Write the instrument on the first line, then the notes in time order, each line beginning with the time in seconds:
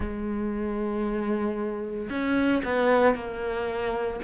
cello
0.00 G#3
2.09 C#4
2.64 B3
3.14 A#3